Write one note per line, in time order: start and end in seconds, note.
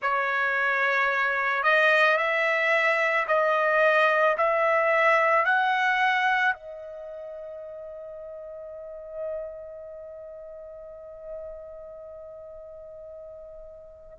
0.01 1.63 C#5
1.63 2.17 D#5
2.17 3.26 E5
3.27 4.36 D#5
4.37 5.45 E5
5.45 6.54 F#5
6.54 14.17 D#5